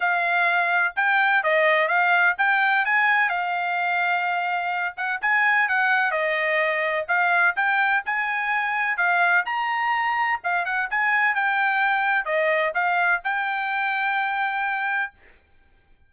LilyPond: \new Staff \with { instrumentName = "trumpet" } { \time 4/4 \tempo 4 = 127 f''2 g''4 dis''4 | f''4 g''4 gis''4 f''4~ | f''2~ f''8 fis''8 gis''4 | fis''4 dis''2 f''4 |
g''4 gis''2 f''4 | ais''2 f''8 fis''8 gis''4 | g''2 dis''4 f''4 | g''1 | }